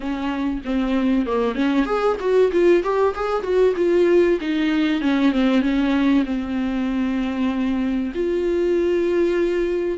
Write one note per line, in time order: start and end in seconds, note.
0.00 0.61 C#4
0.64 1.26 C4
1.26 1.55 A#3
1.55 1.85 C#4
1.85 2.16 G#4
2.20 2.51 F#4
2.52 2.83 F4
2.83 3.14 G4
3.14 3.42 G#4
3.42 3.74 F#4
3.76 4.39 F4
4.40 5.01 D#4
5.01 5.32 C#4
5.32 5.61 C4
5.61 6.24 C#4
6.25 8.12 C4
8.14 9.97 F4